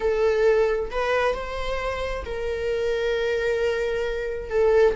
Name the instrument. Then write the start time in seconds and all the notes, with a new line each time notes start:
viola
0.00 A4
0.90 B4
1.34 C5
2.25 A#4
4.50 A4